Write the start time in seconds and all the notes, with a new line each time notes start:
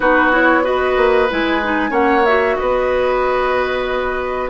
0.00 B3 D#4 F#4 B4
0.31 E4 C#5
0.63 F#4 B4 D#5
0.96 A#3
1.30 G#3 E4 G#5
1.62 D#4
1.89 A#3 C#4 C#5 F#5
2.25 F#4 E5
2.56 B3 B4 D#5